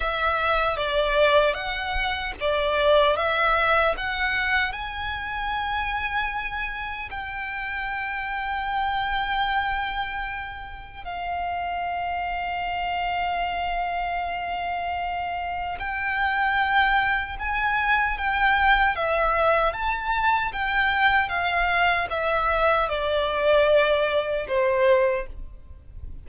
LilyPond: \new Staff \with { instrumentName = "violin" } { \time 4/4 \tempo 4 = 76 e''4 d''4 fis''4 d''4 | e''4 fis''4 gis''2~ | gis''4 g''2.~ | g''2 f''2~ |
f''1 | g''2 gis''4 g''4 | e''4 a''4 g''4 f''4 | e''4 d''2 c''4 | }